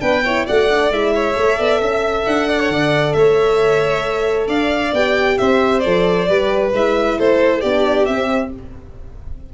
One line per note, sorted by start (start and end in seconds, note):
0.00 0.47 B3
0.00 0.22 D4
0.00 0.24 B4
0.00 0.46 G5
0.24 0.47 E4
0.24 0.47 C#5
0.47 0.91 A3
0.47 0.70 F#4
0.47 1.14 D5
0.47 0.93 F#5
0.71 0.91 D4
0.91 1.36 G#3
0.91 1.34 E4
0.91 2.26 E5
1.15 1.59 C#5
1.34 1.59 A3
1.34 4.92 A4
1.59 1.81 B3
1.59 1.81 D5
1.81 2.26 C#4
1.81 2.49 E5
2.26 2.69 D4
2.26 3.13 F#5
2.49 2.60 D5
2.60 2.71 C#5
2.69 3.14 D3
2.69 3.16 D5
3.13 4.48 A3
3.13 4.48 C#5
3.13 4.47 E5
4.48 4.93 D4
4.48 5.37 D5
4.48 4.94 F5
4.93 5.38 B3
4.93 5.84 G4
4.93 5.38 G5
5.38 5.86 C4
5.38 6.29 C5
5.38 5.80 E5
5.80 6.29 F3
5.80 6.29 A4
5.80 6.70 D5
6.29 6.73 G3
6.29 6.74 G4
6.29 7.18 B4
6.73 7.18 G#3
6.73 7.64 E4
6.73 7.19 E5
7.18 7.64 A3
7.18 7.60 A4
7.18 7.61 C5
7.60 8.08 B3
7.60 8.09 D4
7.60 8.50 G4
7.60 8.06 D5
8.06 8.53 C4
8.06 8.54 C4
8.06 8.50 E5